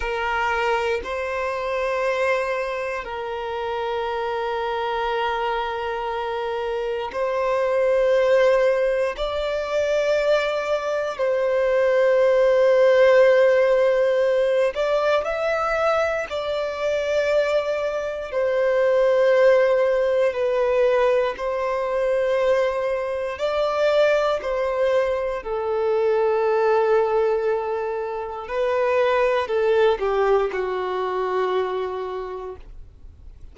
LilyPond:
\new Staff \with { instrumentName = "violin" } { \time 4/4 \tempo 4 = 59 ais'4 c''2 ais'4~ | ais'2. c''4~ | c''4 d''2 c''4~ | c''2~ c''8 d''8 e''4 |
d''2 c''2 | b'4 c''2 d''4 | c''4 a'2. | b'4 a'8 g'8 fis'2 | }